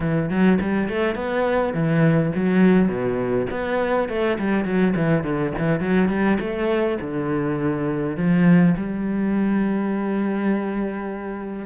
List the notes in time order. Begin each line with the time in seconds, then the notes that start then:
0.00 E3
0.29 F#3
0.61 G3
0.88 A3
1.15 B3
1.73 E3
2.35 F#3
2.88 B2
3.50 B3
4.08 A3
4.38 G3
4.64 F#3
4.96 E3
5.23 D3
5.58 E3
5.80 F#3
6.08 G3
6.40 A3
7.01 D3
8.16 F3
8.76 G3